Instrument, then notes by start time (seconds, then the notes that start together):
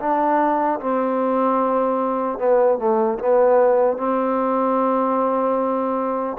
trombone
0.00 D4
0.80 C4
2.39 B3
2.79 A3
3.19 B3
3.97 C4